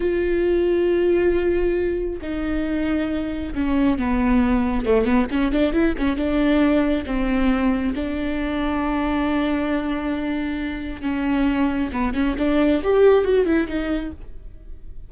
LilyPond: \new Staff \with { instrumentName = "viola" } { \time 4/4 \tempo 4 = 136 f'1~ | f'4 dis'2. | cis'4 b2 a8 b8 | cis'8 d'8 e'8 cis'8 d'2 |
c'2 d'2~ | d'1~ | d'4 cis'2 b8 cis'8 | d'4 g'4 fis'8 e'8 dis'4 | }